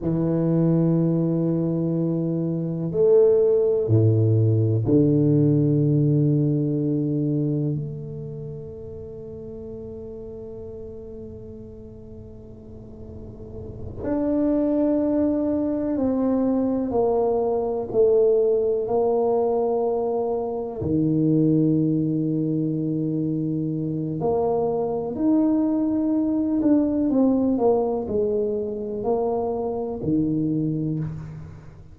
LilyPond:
\new Staff \with { instrumentName = "tuba" } { \time 4/4 \tempo 4 = 62 e2. a4 | a,4 d2. | a1~ | a2~ a8 d'4.~ |
d'8 c'4 ais4 a4 ais8~ | ais4. dis2~ dis8~ | dis4 ais4 dis'4. d'8 | c'8 ais8 gis4 ais4 dis4 | }